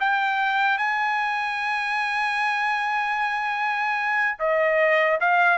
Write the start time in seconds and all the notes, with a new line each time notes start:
0.00 G5
0.78 G#5
4.39 D#5
5.20 F5